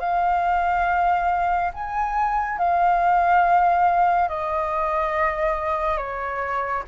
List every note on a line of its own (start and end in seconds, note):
0.00 1.71 F5
1.74 2.59 G#5
2.59 4.29 F5
4.29 5.97 D#5
5.97 6.83 C#5